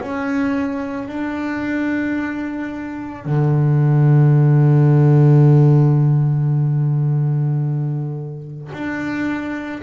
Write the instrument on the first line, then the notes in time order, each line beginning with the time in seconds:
double bass
0.00 C#4
1.08 D4
3.25 D3
8.72 D4